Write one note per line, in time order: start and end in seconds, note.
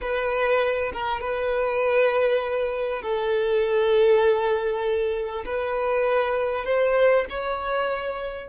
0.01 0.92 B4
0.92 1.20 A#4
1.20 3.02 B4
3.02 5.44 A4
5.45 6.64 B4
6.64 7.25 C5
7.29 8.48 C#5